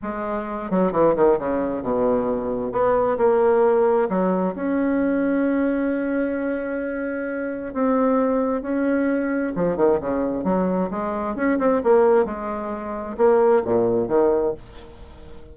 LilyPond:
\new Staff \with { instrumentName = "bassoon" } { \time 4/4 \tempo 4 = 132 gis4. fis8 e8 dis8 cis4 | b,2 b4 ais4~ | ais4 fis4 cis'2~ | cis'1~ |
cis'4 c'2 cis'4~ | cis'4 f8 dis8 cis4 fis4 | gis4 cis'8 c'8 ais4 gis4~ | gis4 ais4 ais,4 dis4 | }